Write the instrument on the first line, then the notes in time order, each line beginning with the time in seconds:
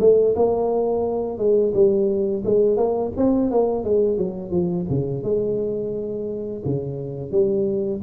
tuba
0.00 A3
0.36 A#3
1.38 G#3
1.74 G3
2.45 G#3
2.77 A#3
3.17 C4
3.51 A#3
3.84 G#3
4.17 F#3
4.51 F3
4.90 C#3
5.23 G#3
6.65 C#3
7.31 G3